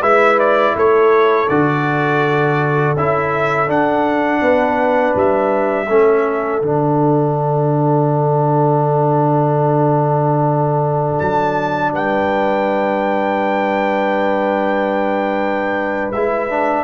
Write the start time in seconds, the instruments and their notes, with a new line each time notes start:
0.00 tuba G#3, trombone E4, horn B4, trumpet E5
0.39 trumpet D5
0.75 tuba A3, horn A4, trumpet C#5
1.48 tuba D3, trombone F#4, trumpet D5
2.96 tuba C#4, trombone E4, trumpet E5
3.67 trombone D4, tuba D4, trumpet F#5
4.42 tuba B3, horn B4
5.15 tuba G3, trumpet E5
5.88 tuba A3, trombone C#4, horn A4
6.61 tuba D3, trombone D4, trumpet F#5
11.19 tuba F#3, trumpet A5
11.93 tuba G3, horn B4, trumpet G5
16.12 tuba G#3, trombone E4, trumpet E5
16.50 trombone D4